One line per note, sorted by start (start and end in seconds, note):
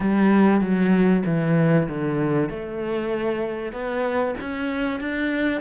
0.00 0.60 G3
0.60 1.23 F#3
1.25 1.88 E3
1.88 2.49 D3
2.49 3.72 A3
3.72 4.34 B3
4.41 4.99 C#4
4.99 5.61 D4